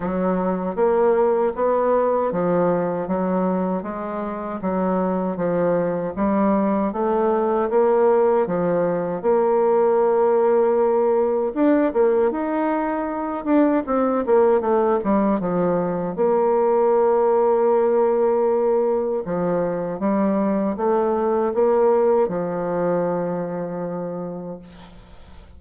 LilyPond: \new Staff \with { instrumentName = "bassoon" } { \time 4/4 \tempo 4 = 78 fis4 ais4 b4 f4 | fis4 gis4 fis4 f4 | g4 a4 ais4 f4 | ais2. d'8 ais8 |
dis'4. d'8 c'8 ais8 a8 g8 | f4 ais2.~ | ais4 f4 g4 a4 | ais4 f2. | }